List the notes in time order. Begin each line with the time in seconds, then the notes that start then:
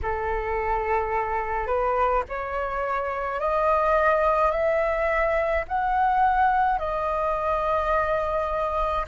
0.02 A4
1.66 B4
2.28 C#5
3.40 D#5
4.51 E5
5.68 F#5
6.78 D#5